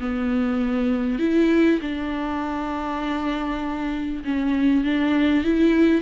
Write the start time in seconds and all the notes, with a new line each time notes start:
0.00 B3
1.19 E4
1.82 D4
4.25 C#4
4.84 D4
5.44 E4